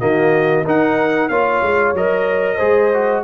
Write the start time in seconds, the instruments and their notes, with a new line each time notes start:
0.00 tuba D#3, trombone A#3, horn F#4, trumpet D#5
0.64 tuba D#4, trombone D#4, horn A#4, trumpet F#5
1.28 tuba A#3, trombone F4, horn C#5, trumpet F5
1.62 tuba G#3
1.93 tuba F#3, trombone A#4, trumpet D#5
2.56 tuba G#3, trombone G#4, horn C5
2.94 trombone F#4